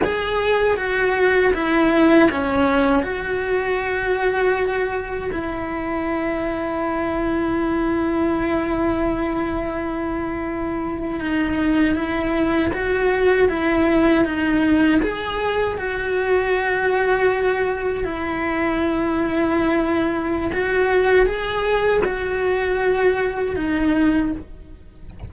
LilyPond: \new Staff \with { instrumentName = "cello" } { \time 4/4 \tempo 4 = 79 gis'4 fis'4 e'4 cis'4 | fis'2. e'4~ | e'1~ | e'2~ e'8. dis'4 e'16~ |
e'8. fis'4 e'4 dis'4 gis'16~ | gis'8. fis'2. e'16~ | e'2. fis'4 | gis'4 fis'2 dis'4 | }